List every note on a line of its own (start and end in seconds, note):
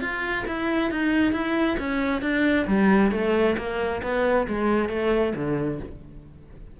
0.00 0.44 F4
0.47 0.91 E4
0.91 1.32 D#4
1.32 1.77 E4
1.78 2.21 C#4
2.21 2.66 D4
2.67 3.11 G3
3.11 3.56 A3
3.57 4.01 A#3
4.02 4.47 B3
4.47 4.88 G#3
4.88 5.33 A3
5.35 5.80 D3